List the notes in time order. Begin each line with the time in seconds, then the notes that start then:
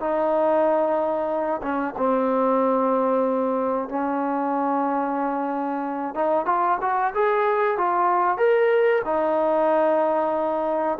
0.00 D#4
1.62 C#4
1.97 C4
3.89 C#4
6.15 D#4
6.46 F4
6.81 F#4
7.15 G#4
7.78 F4
8.38 A#4
9.05 D#4